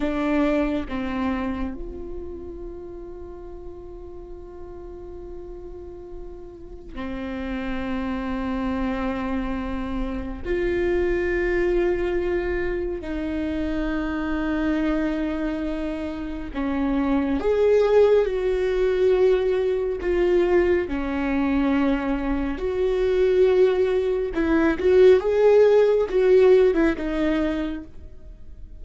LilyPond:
\new Staff \with { instrumentName = "viola" } { \time 4/4 \tempo 4 = 69 d'4 c'4 f'2~ | f'1 | c'1 | f'2. dis'4~ |
dis'2. cis'4 | gis'4 fis'2 f'4 | cis'2 fis'2 | e'8 fis'8 gis'4 fis'8. e'16 dis'4 | }